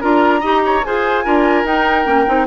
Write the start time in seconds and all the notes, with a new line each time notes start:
0.00 D4 F4 A#4 A#5
0.40 D#4 G4 D#5
0.65 C#5
0.84 F4 G#4 C5 G#5
1.24 D4 F4 A#4
1.64 D#4 G5
2.05 A#3 C#4
2.26 C4 D#4